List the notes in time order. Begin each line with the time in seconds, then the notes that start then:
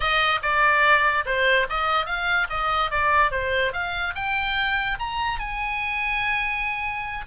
0.00 D#5
0.42 D5
1.25 C5
1.69 D#5
2.06 F5
2.49 D#5
2.90 D5
3.31 C5
3.72 F5
4.15 G5
4.99 A#5
5.39 G#5